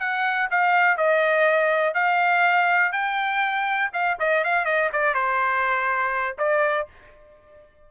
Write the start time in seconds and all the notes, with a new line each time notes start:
0.00 F#5
0.51 F5
0.97 D#5
1.94 F5
2.93 G5
3.93 F5
4.20 D#5
4.44 F5
4.65 D#5
4.93 D5
5.14 C5
6.38 D5